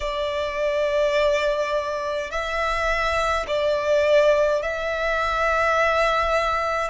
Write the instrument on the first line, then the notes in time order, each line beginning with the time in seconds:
violin
0.00 D5
2.30 E5
3.47 D5
4.62 E5